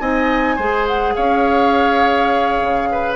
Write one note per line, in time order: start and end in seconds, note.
0.00 0.58 C4
0.00 0.58 D#4
0.00 0.56 D#5
0.00 0.87 G#5
0.56 1.16 G#3
0.56 3.17 G#4
0.56 1.14 C5
0.88 1.16 F#5
1.16 2.62 C#4
1.16 2.89 C#5
1.16 3.17 F5
2.62 3.17 C#3
2.92 3.17 B4